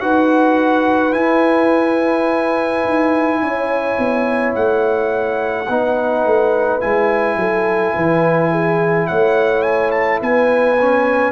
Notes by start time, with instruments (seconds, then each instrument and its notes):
0.00 tuba D#4, trombone F#4, horn B4, trumpet F#5
1.12 trombone E4, tuba E4, trumpet G#5
2.84 tuba D#4
3.41 tuba C#4, horn C#5
3.98 tuba B3
4.54 tuba A3, trumpet F#5
5.68 tuba B3, trombone D#4, horn B4
6.25 tuba A3
6.80 tuba G#3, trombone E4, trumpet G#5
7.35 tuba F#3, horn A4
7.95 tuba E3, horn B4
8.51 horn G#4
9.07 tuba A3, horn C#5, trumpet F#5
9.62 trumpet G#5
9.91 trumpet A5
10.20 tuba B3, horn B4, trumpet G#5
10.81 trombone C#4